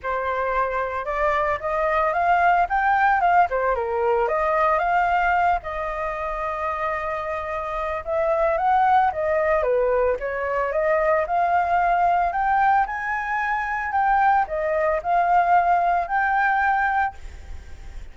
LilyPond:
\new Staff \with { instrumentName = "flute" } { \time 4/4 \tempo 4 = 112 c''2 d''4 dis''4 | f''4 g''4 f''8 c''8 ais'4 | dis''4 f''4. dis''4.~ | dis''2. e''4 |
fis''4 dis''4 b'4 cis''4 | dis''4 f''2 g''4 | gis''2 g''4 dis''4 | f''2 g''2 | }